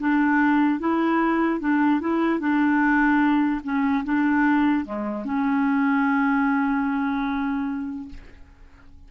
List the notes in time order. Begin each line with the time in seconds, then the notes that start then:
0.00 D4
0.80 E4
1.60 D4
2.01 E4
2.40 D4
3.64 C#4
4.05 D4
4.85 G#3
5.25 C#4